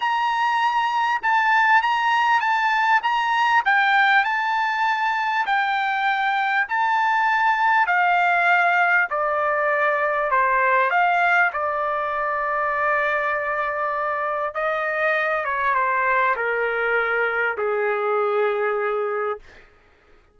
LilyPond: \new Staff \with { instrumentName = "trumpet" } { \time 4/4 \tempo 4 = 99 ais''2 a''4 ais''4 | a''4 ais''4 g''4 a''4~ | a''4 g''2 a''4~ | a''4 f''2 d''4~ |
d''4 c''4 f''4 d''4~ | d''1 | dis''4. cis''8 c''4 ais'4~ | ais'4 gis'2. | }